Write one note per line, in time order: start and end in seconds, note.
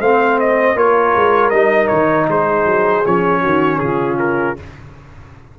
0.00 0.76 A3
0.00 0.76 C4
0.00 0.76 C5
0.00 0.39 F5
0.40 0.78 D#5
0.76 1.14 A#3
0.76 1.52 F4
0.76 2.28 A#4
0.76 1.50 C#5
1.15 1.52 G#3
1.50 1.90 G3
1.50 3.05 D#4
1.50 1.88 D#5
1.88 2.28 D#3
1.88 2.26 C#5
2.28 2.65 G#3
2.28 3.41 G#4
2.28 3.06 C5
2.65 3.03 F#3
3.05 3.44 F3
3.05 4.57 C#4
3.05 3.79 C#5
3.41 3.81 D#3
3.41 3.78 F#4
3.79 4.56 C#3
3.79 4.59 F4
3.79 4.17 G#4
4.19 4.57 A#4